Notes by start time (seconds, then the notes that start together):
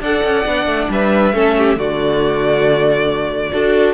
0.00 D4 A4 D5 F#5
0.24 C#4
0.45 B3 D4
0.66 A3
0.89 G3 B4 E5
1.33 A3 C#4 A4
1.58 G4
1.76 D3 A3 F#4 D5
3.52 D4 F#4 A4